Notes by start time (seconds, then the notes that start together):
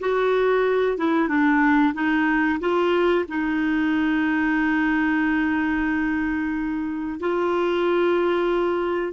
0.00 F#4
0.98 E4
1.28 D4
1.94 D#4
2.60 F4
3.28 D#4
7.20 F4